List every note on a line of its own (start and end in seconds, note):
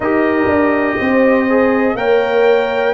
0.00 0.47 D#4
0.00 1.49 G4
0.00 0.97 A#4
0.00 1.96 D#5
0.47 0.96 D4
0.98 1.94 C4
0.98 1.96 C5
1.49 1.97 G#4
1.94 2.93 A#3
1.94 2.94 A#4
1.94 2.94 C#5
1.94 2.94 G5